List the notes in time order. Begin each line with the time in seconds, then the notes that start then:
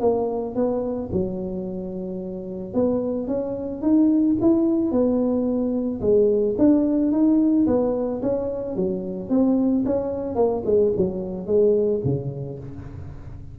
0.00 A#3
0.55 B3
1.12 F#3
2.73 B3
3.27 C#4
3.82 D#4
4.41 E4
4.91 B3
6.01 G#3
6.58 D4
7.11 D#4
7.66 B3
8.22 C#4
8.75 F#3
9.29 C4
9.85 C#4
10.35 A#3
10.65 G#3
10.97 F#3
11.46 G#3
12.04 C#3